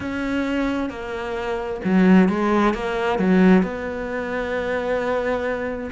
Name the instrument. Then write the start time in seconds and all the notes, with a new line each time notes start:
cello
0.00 C#4
0.89 A#3
1.84 F#3
2.28 G#3
2.74 A#3
3.19 F#3
3.62 B3